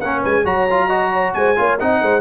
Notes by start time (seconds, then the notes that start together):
0.00 A#3 C#4 A#4 F#5
0.21 G#3 B4 G#5
0.44 F#3 F#4 C#5 A#5
0.70 F4
0.87 F#4 D#5
1.12 C#5
1.34 G#3 C5 G#5
1.56 A#3 F4 C#5
1.79 C4 D#4 D#5 F#5
2.01 G#3 C5